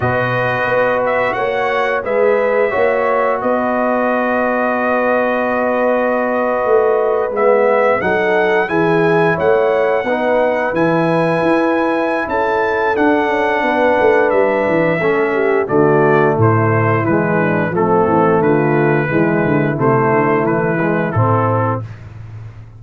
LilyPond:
<<
  \new Staff \with { instrumentName = "trumpet" } { \time 4/4 \tempo 4 = 88 dis''4. e''8 fis''4 e''4~ | e''4 dis''2.~ | dis''2~ dis''8. e''4 fis''16~ | fis''8. gis''4 fis''2 gis''16~ |
gis''2 a''4 fis''4~ | fis''4 e''2 d''4 | c''4 b'4 a'4 b'4~ | b'4 c''4 b'4 a'4 | }
  \new Staff \with { instrumentName = "horn" } { \time 4/4 b'2 cis''4 b'4 | cis''4 b'2.~ | b'2.~ b'8. a'16~ | a'8. gis'4 cis''4 b'4~ b'16~ |
b'2 a'2 | b'2 a'8 g'8 fis'4 | e'4. d'8 c'4 f'4 | e'1 | }
  \new Staff \with { instrumentName = "trombone" } { \time 4/4 fis'2. gis'4 | fis'1~ | fis'2~ fis'8. b4 dis'16~ | dis'8. e'2 dis'4 e'16~ |
e'2. d'4~ | d'2 cis'4 a4~ | a4 gis4 a2 | gis4 a4. gis8 c'4 | }
  \new Staff \with { instrumentName = "tuba" } { \time 4/4 b,4 b4 ais4 gis4 | ais4 b2.~ | b4.~ b16 a4 gis4 fis16~ | fis8. e4 a4 b4 e16~ |
e8. e'4~ e'16 cis'4 d'8 cis'8 | b8 a8 g8 e8 a4 d4 | a,4 e4 f8 e8 d4 | e8 d8 c8 d8 e4 a,4 | }
>>